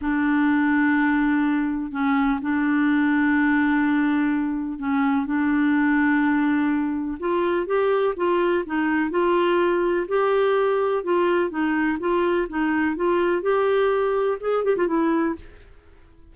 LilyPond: \new Staff \with { instrumentName = "clarinet" } { \time 4/4 \tempo 4 = 125 d'1 | cis'4 d'2.~ | d'2 cis'4 d'4~ | d'2. f'4 |
g'4 f'4 dis'4 f'4~ | f'4 g'2 f'4 | dis'4 f'4 dis'4 f'4 | g'2 gis'8 g'16 f'16 e'4 | }